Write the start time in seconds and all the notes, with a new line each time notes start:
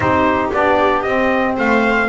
0.00 C4 D#4 G4 C5
0.53 B3 D4 D5
1.02 C4 D#5
1.56 A3 C5 F5